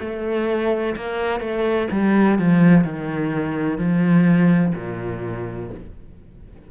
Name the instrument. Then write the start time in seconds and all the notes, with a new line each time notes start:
cello
0.00 A3
0.96 A#3
1.40 A3
1.91 G3
2.39 F3
2.84 D#3
3.78 F3
4.75 A#2